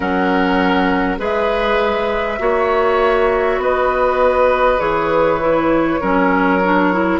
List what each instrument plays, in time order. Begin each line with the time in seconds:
0.00 bassoon F#3, clarinet C#4, oboe A#4, flute F#5
1.18 bassoon G#3, clarinet G#4, oboe B4, flute E5
2.39 bassoon A#3, clarinet F#4, oboe C#5
3.57 bassoon B3, oboe B4, flute D#5
4.78 bassoon E3, clarinet G#4, flute C#5
5.40 clarinet E4
6.00 bassoon F#3, clarinet C#4, oboe A#4
6.64 clarinet D4
6.92 clarinet E4